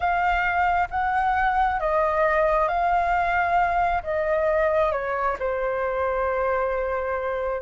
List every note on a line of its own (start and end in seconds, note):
0.00 0.88 F5
0.90 1.80 F#5
1.80 2.68 D#5
2.68 4.02 F5
4.03 4.92 D#5
4.92 5.36 C#5
5.39 7.61 C5